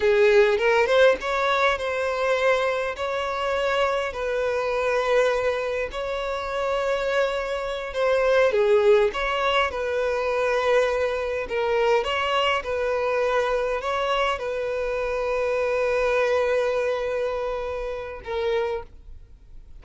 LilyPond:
\new Staff \with { instrumentName = "violin" } { \time 4/4 \tempo 4 = 102 gis'4 ais'8 c''8 cis''4 c''4~ | c''4 cis''2 b'4~ | b'2 cis''2~ | cis''4. c''4 gis'4 cis''8~ |
cis''8 b'2. ais'8~ | ais'8 cis''4 b'2 cis''8~ | cis''8 b'2.~ b'8~ | b'2. ais'4 | }